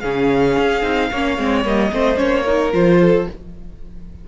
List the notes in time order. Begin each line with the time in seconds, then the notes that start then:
0.00 C#3 C#4 G#4 F5
0.58 C#4
0.82 C4 D#4
1.11 A#3 C#4 C#5
1.38 G#3 C4
1.65 G3 A#3 D#5
1.93 A3 C4 C5
2.17 A#3 C#4 C#5
2.44 D#4 A#4
2.73 F3 F4 C5
3.01 A4